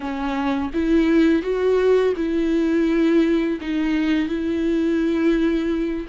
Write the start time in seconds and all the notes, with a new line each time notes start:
0.00 C#4
0.73 E4
1.42 F#4
2.16 E4
3.60 D#4
4.28 E4